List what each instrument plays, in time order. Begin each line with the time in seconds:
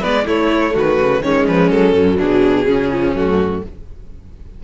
0.00 cello G#3, viola B3, violin B4 D5
0.26 viola A3, cello A3, violin E4 C#5
0.74 cello D#3, violin F#4 B4
0.99 cello C#3
1.21 cello D#3, viola G#3, violin C#4 C#5
1.47 cello F3, violin B4
1.70 cello F#3, violin A4
1.92 cello F#2, viola F#3
2.18 cello B2, violin D4 G#4
2.66 cello C#3, violin C#4
2.91 viola F3
3.14 cello F#2, viola A3, violin F#4